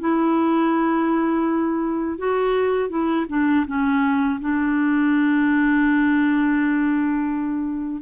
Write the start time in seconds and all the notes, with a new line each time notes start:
0.00 E4
2.19 F#4
2.90 E4
3.30 D4
3.67 C#4
4.41 D4